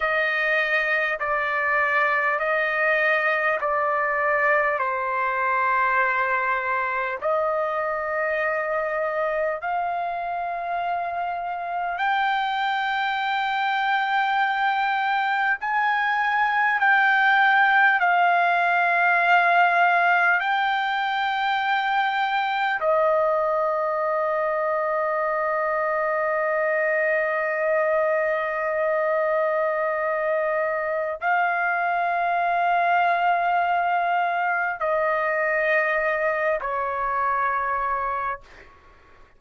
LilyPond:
\new Staff \with { instrumentName = "trumpet" } { \time 4/4 \tempo 4 = 50 dis''4 d''4 dis''4 d''4 | c''2 dis''2 | f''2 g''2~ | g''4 gis''4 g''4 f''4~ |
f''4 g''2 dis''4~ | dis''1~ | dis''2 f''2~ | f''4 dis''4. cis''4. | }